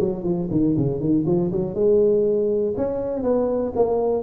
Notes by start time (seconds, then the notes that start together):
0.00 F#3
0.23 F3
0.51 D#3
0.77 C#3
1.00 D#3
1.26 F3
1.52 F#3
1.74 G#3
2.77 C#4
3.23 B3
3.76 A#3